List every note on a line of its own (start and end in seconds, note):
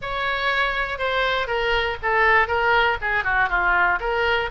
0.01 0.98 C#5
0.98 1.47 C5
1.47 1.97 A#4
2.02 2.47 A4
2.47 2.97 A#4
3.01 3.24 G#4
3.24 3.49 F#4
3.49 3.99 F4
4.00 4.50 A#4